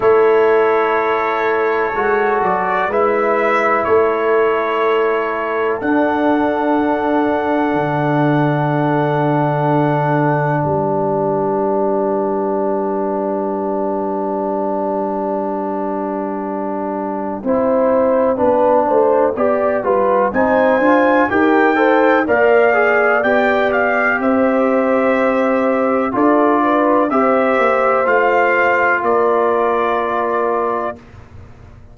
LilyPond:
<<
  \new Staff \with { instrumentName = "trumpet" } { \time 4/4 \tempo 4 = 62 cis''2~ cis''8 d''8 e''4 | cis''2 fis''2~ | fis''2. g''4~ | g''1~ |
g''1~ | g''4 gis''4 g''4 f''4 | g''8 f''8 e''2 d''4 | e''4 f''4 d''2 | }
  \new Staff \with { instrumentName = "horn" } { \time 4/4 a'2. b'4 | a'1~ | a'2. b'4~ | b'1~ |
b'2 c''4 b'8 c''8 | d''8 b'8 c''4 ais'8 c''8 d''4~ | d''4 c''2 a'8 b'8 | c''2 ais'2 | }
  \new Staff \with { instrumentName = "trombone" } { \time 4/4 e'2 fis'4 e'4~ | e'2 d'2~ | d'1~ | d'1~ |
d'2 e'4 d'4 | g'8 f'8 dis'8 f'8 g'8 a'8 ais'8 gis'8 | g'2. f'4 | g'4 f'2. | }
  \new Staff \with { instrumentName = "tuba" } { \time 4/4 a2 gis8 fis8 gis4 | a2 d'2 | d2. g4~ | g1~ |
g2 c'4 b8 a8 | b8 g8 c'8 d'8 dis'4 ais4 | b4 c'2 d'4 | c'8 ais8 a4 ais2 | }
>>